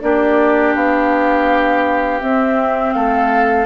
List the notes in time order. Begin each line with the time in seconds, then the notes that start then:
0.00 A#3 D4 G4 D5
0.74 B3 F5
2.20 C4 E5
2.92 A3 A4 F5